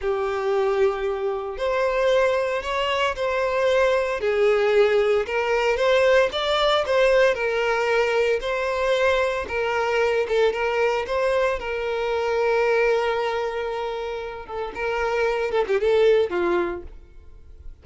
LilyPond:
\new Staff \with { instrumentName = "violin" } { \time 4/4 \tempo 4 = 114 g'2. c''4~ | c''4 cis''4 c''2 | gis'2 ais'4 c''4 | d''4 c''4 ais'2 |
c''2 ais'4. a'8 | ais'4 c''4 ais'2~ | ais'2.~ ais'8 a'8 | ais'4. a'16 g'16 a'4 f'4 | }